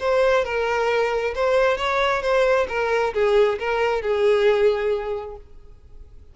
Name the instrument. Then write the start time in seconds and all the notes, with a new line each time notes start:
violin
0.00 C5
0.45 A#4
1.35 C5
1.77 C#5
2.22 C5
2.69 A#4
3.14 G#4
3.59 A#4
4.02 G#4